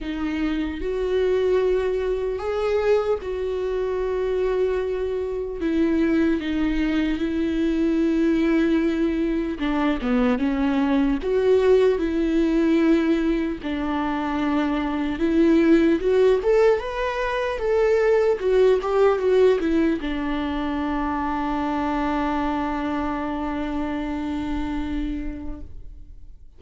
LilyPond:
\new Staff \with { instrumentName = "viola" } { \time 4/4 \tempo 4 = 75 dis'4 fis'2 gis'4 | fis'2. e'4 | dis'4 e'2. | d'8 b8 cis'4 fis'4 e'4~ |
e'4 d'2 e'4 | fis'8 a'8 b'4 a'4 fis'8 g'8 | fis'8 e'8 d'2.~ | d'1 | }